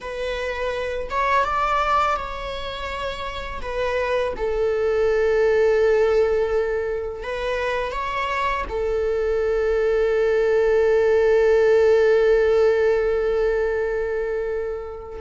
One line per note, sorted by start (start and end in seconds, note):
0.00 1.09 B4
1.10 1.44 C#5
1.44 2.16 D5
2.16 3.60 C#5
3.61 4.33 B4
4.36 7.23 A4
7.23 7.92 B4
7.92 8.64 C#5
8.69 15.20 A4